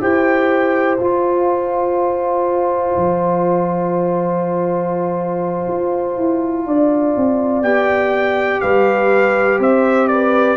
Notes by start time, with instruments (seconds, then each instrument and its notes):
0.00 tuba E4, trombone G4, horn C5, trumpet G5
0.98 tuba F4, trombone F4, trumpet A5
2.96 tuba F3
5.67 tuba F4
6.16 tuba E4
6.66 tuba D4, horn D5
7.16 tuba C4
7.61 tuba B3, trombone G4, trumpet G5
8.60 tuba G3, horn B4, trumpet F5
9.59 tuba C4, horn C5, trumpet E5
10.07 horn B4, trumpet D5